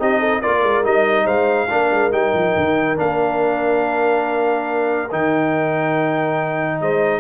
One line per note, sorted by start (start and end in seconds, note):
0.00 0.43 C4
0.00 0.43 D#4
0.00 0.20 G4
0.00 0.42 D#5
0.20 0.41 A4
0.42 0.64 A#3
0.42 0.84 F4
0.42 1.25 A#4
0.42 0.84 D5
0.64 0.85 G#3
0.84 1.27 G3
0.84 1.69 D#4
0.84 1.27 D#5
1.25 1.69 G#3
1.25 1.68 C5
1.25 2.12 F5
1.70 1.91 A#3
1.70 2.12 D4
1.70 6.82 A#4
1.91 2.12 G#3
2.12 2.34 G3
2.12 2.97 D#4
2.12 2.98 G5
2.34 2.55 F3
2.57 3.00 D#3
2.97 5.12 A#3
2.97 5.09 D4
2.97 5.12 F5
5.12 6.82 D#3
5.12 7.21 D#4
5.12 6.82 G5
6.82 7.21 G#3
6.82 7.21 C5
6.82 7.21 D#5